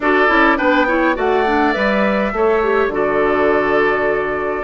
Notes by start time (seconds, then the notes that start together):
0.00 D4 F#4 A4 D5
0.28 C#4 E4
0.57 B3 D4 B4 G5
0.87 E4 C#5
1.14 A3 F#4 D5 F#5
1.46 D4
1.72 G3 B4 E5
2.32 A3 A4 C#5
2.63 G4
2.87 D3 F#4 A4 D5